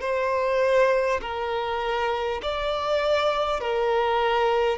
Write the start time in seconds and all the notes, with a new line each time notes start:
0.00 C5
1.21 A#4
2.42 D5
3.60 A#4